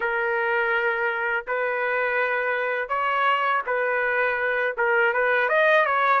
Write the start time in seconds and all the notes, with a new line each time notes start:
0.00 A#4
1.47 B4
2.89 C#5
3.66 B4
4.77 A#4
5.13 B4
5.48 D#5
5.85 C#5